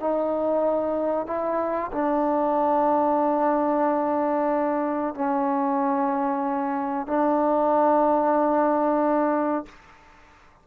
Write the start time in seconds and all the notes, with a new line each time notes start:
0.00 D#4
1.27 E4
1.92 D4
5.15 C#4
7.07 D4